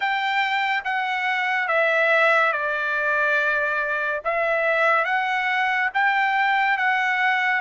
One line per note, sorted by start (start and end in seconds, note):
0.00 0.83 G5
0.84 1.67 F#5
1.67 2.52 E5
2.52 4.21 D5
4.24 5.05 E5
5.05 5.89 F#5
5.93 6.77 G5
6.77 7.60 F#5